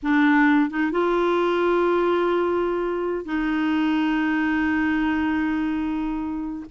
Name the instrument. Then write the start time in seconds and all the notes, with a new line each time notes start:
clarinet
0.02 D4
0.69 D#4
0.91 F4
3.25 D#4